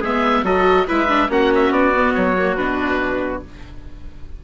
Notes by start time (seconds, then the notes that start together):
0.00 G#3 B3 G#4 E5
0.43 F#3 F#4 A4 D#5
0.87 G#3 E4 B4 E5
1.08 D4
1.29 A#3 C#4 F#4 F#5
1.54 E5
1.70 B3 D5
1.94 B3
2.14 F#3 C#5
2.38 A#3
2.56 B2 D4 B4